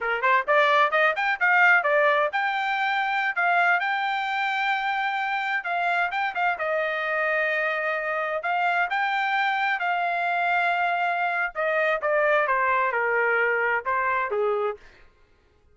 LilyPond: \new Staff \with { instrumentName = "trumpet" } { \time 4/4 \tempo 4 = 130 ais'8 c''8 d''4 dis''8 g''8 f''4 | d''4 g''2~ g''16 f''8.~ | f''16 g''2.~ g''8.~ | g''16 f''4 g''8 f''8 dis''4.~ dis''16~ |
dis''2~ dis''16 f''4 g''8.~ | g''4~ g''16 f''2~ f''8.~ | f''4 dis''4 d''4 c''4 | ais'2 c''4 gis'4 | }